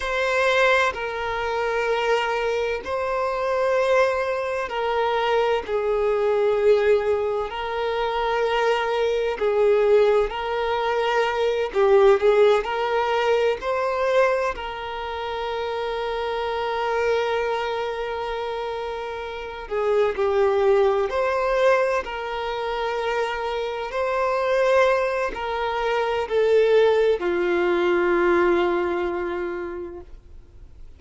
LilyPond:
\new Staff \with { instrumentName = "violin" } { \time 4/4 \tempo 4 = 64 c''4 ais'2 c''4~ | c''4 ais'4 gis'2 | ais'2 gis'4 ais'4~ | ais'8 g'8 gis'8 ais'4 c''4 ais'8~ |
ais'1~ | ais'4 gis'8 g'4 c''4 ais'8~ | ais'4. c''4. ais'4 | a'4 f'2. | }